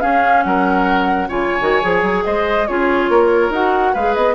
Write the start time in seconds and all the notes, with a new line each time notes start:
0.00 C#4 G#4 F5
0.43 F#3 A#4 F#5
1.28 C#3 F4 C#5 G#5
1.61 D#3 F#4
1.82 F3 G#4
2.02 F#3
2.25 G#3 C5 D#5
2.67 C#4 F4 G#4 C#5
3.09 A#3 A#4
3.50 D#4 F#4 F#5
3.93 G#3 G#4 B4 F5
4.14 B3 D#5